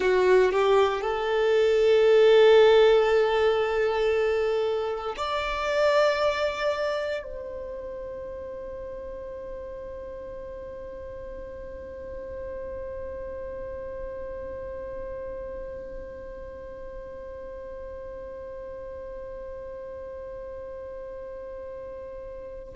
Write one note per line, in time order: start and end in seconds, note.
0.00 0.52 F#4
0.52 1.01 G4
1.01 5.14 A4
5.17 7.23 D5
7.23 22.74 C5